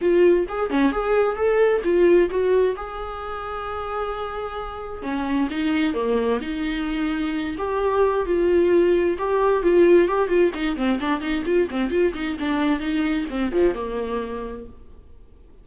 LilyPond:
\new Staff \with { instrumentName = "viola" } { \time 4/4 \tempo 4 = 131 f'4 gis'8 cis'8 gis'4 a'4 | f'4 fis'4 gis'2~ | gis'2. cis'4 | dis'4 ais4 dis'2~ |
dis'8 g'4. f'2 | g'4 f'4 g'8 f'8 dis'8 c'8 | d'8 dis'8 f'8 c'8 f'8 dis'8 d'4 | dis'4 c'8 f8 ais2 | }